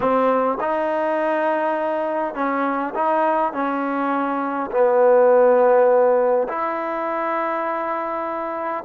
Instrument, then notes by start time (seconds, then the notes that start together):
trombone
0.00 C4
0.60 D#4
2.34 C#4
2.94 D#4
3.52 C#4
4.71 B3
6.48 E4